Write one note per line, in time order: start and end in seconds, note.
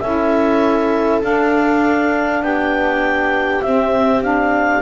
0.00 1.23 C#4
0.00 1.21 E4
0.00 2.43 A4
0.00 1.20 E5
1.21 3.61 D4
1.21 2.42 D4
1.21 2.43 F5
2.42 3.62 B3
2.42 4.82 G4
2.42 3.62 G5
3.62 4.82 C4
3.62 4.24 C4
3.62 4.22 E5
4.23 4.82 D4
4.23 4.82 F5